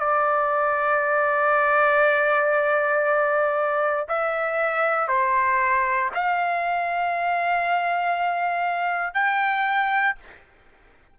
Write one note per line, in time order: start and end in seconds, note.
0.00 4.07 D5
4.09 5.08 E5
5.08 6.10 C5
6.15 9.14 F5
9.14 10.16 G5